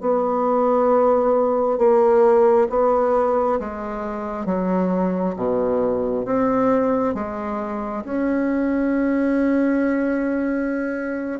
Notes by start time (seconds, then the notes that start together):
0.00 B3
1.78 A#3
2.69 B3
3.59 G#3
4.45 F#3
5.36 B2
6.25 C4
7.14 G#3
8.04 C#4